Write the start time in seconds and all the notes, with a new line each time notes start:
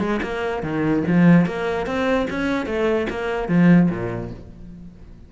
0.00 G#3
0.23 A#3
0.63 D#3
1.07 F3
1.46 A#3
1.87 C4
2.30 C#4
2.66 A3
3.10 A#3
3.49 F3
3.91 A#2